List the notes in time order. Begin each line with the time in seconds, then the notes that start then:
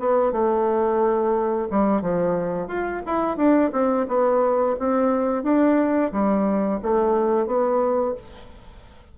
0.00 B3
0.33 A3
1.71 G3
2.02 F3
2.68 F4
3.07 E4
3.37 D4
3.73 C4
4.08 B3
4.79 C4
5.44 D4
6.12 G3
6.83 A3
7.47 B3